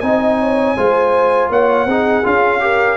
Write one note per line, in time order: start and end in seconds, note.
0.00 0.76 C4
0.00 0.77 D#4
0.00 0.38 D#5
0.00 1.48 G#5
0.39 0.76 C#5
0.76 1.49 G#3
0.76 1.88 F4
0.76 1.50 C5
1.49 1.86 A#3
1.49 1.87 C#5
1.49 2.26 F#5
1.86 2.23 C4
1.86 2.23 D#4
1.86 2.61 G#4
2.23 2.97 C#4
2.23 2.60 F4
2.23 2.97 F5
2.60 2.97 G4
2.60 2.97 A#4